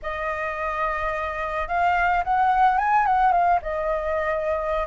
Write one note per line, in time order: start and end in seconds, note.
0.02 1.68 D#5
1.68 2.23 F5
2.23 2.78 F#5
2.78 3.06 G#5
3.06 3.32 F#5
3.32 3.59 F5
3.62 4.87 D#5